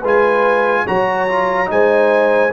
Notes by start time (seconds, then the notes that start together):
0.00 G#3 F4 B4
0.06 G#5
0.87 F#3 F#4 C#5 A#5
1.29 F4
1.66 G#3 D#4 C5 G#5